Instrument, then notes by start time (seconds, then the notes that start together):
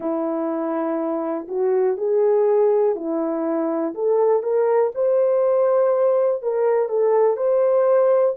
horn
0.00 E4
1.48 F#4
1.97 G#4
2.95 E4
3.94 A4
4.42 A#4
4.94 C5
6.42 A#4
6.89 A4
7.36 C5